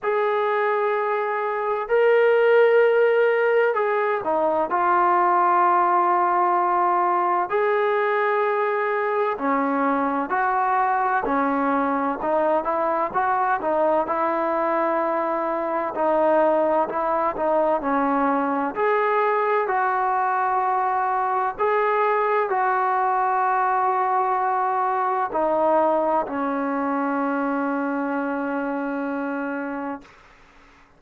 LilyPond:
\new Staff \with { instrumentName = "trombone" } { \time 4/4 \tempo 4 = 64 gis'2 ais'2 | gis'8 dis'8 f'2. | gis'2 cis'4 fis'4 | cis'4 dis'8 e'8 fis'8 dis'8 e'4~ |
e'4 dis'4 e'8 dis'8 cis'4 | gis'4 fis'2 gis'4 | fis'2. dis'4 | cis'1 | }